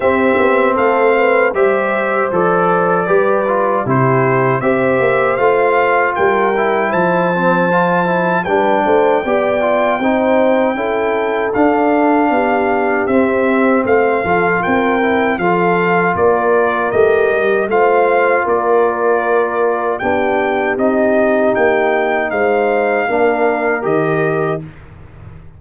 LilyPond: <<
  \new Staff \with { instrumentName = "trumpet" } { \time 4/4 \tempo 4 = 78 e''4 f''4 e''4 d''4~ | d''4 c''4 e''4 f''4 | g''4 a''2 g''4~ | g''2. f''4~ |
f''4 e''4 f''4 g''4 | f''4 d''4 dis''4 f''4 | d''2 g''4 dis''4 | g''4 f''2 dis''4 | }
  \new Staff \with { instrumentName = "horn" } { \time 4/4 g'4 a'8 b'8 c''2 | b'4 g'4 c''2 | ais'4 c''2 b'8 c''8 | d''4 c''4 a'2 |
g'2 c''8 a'8 ais'4 | a'4 ais'2 c''4 | ais'2 g'2~ | g'4 c''4 ais'2 | }
  \new Staff \with { instrumentName = "trombone" } { \time 4/4 c'2 g'4 a'4 | g'8 f'8 e'4 g'4 f'4~ | f'8 e'4 c'8 f'8 e'8 d'4 | g'8 f'8 dis'4 e'4 d'4~ |
d'4 c'4. f'4 e'8 | f'2 g'4 f'4~ | f'2 d'4 dis'4~ | dis'2 d'4 g'4 | }
  \new Staff \with { instrumentName = "tuba" } { \time 4/4 c'8 b8 a4 g4 f4 | g4 c4 c'8 ais8 a4 | g4 f2 g8 a8 | b4 c'4 cis'4 d'4 |
b4 c'4 a8 f8 c'4 | f4 ais4 a8 g8 a4 | ais2 b4 c'4 | ais4 gis4 ais4 dis4 | }
>>